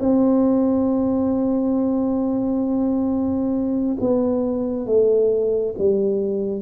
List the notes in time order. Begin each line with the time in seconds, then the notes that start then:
0.00 C4
4.00 B3
4.86 A3
5.79 G3